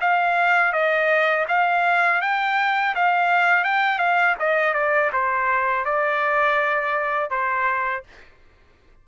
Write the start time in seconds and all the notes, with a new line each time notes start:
0.00 F5
0.72 D#5
1.48 F5
2.21 G5
2.95 F5
3.64 G5
3.98 F5
4.39 D#5
4.74 D5
5.13 C5
5.85 D5
7.30 C5